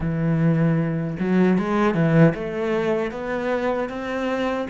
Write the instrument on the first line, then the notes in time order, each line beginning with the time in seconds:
cello
0.00 E3
1.19 F#3
1.58 G#3
1.94 E3
2.34 A3
3.11 B3
3.89 C4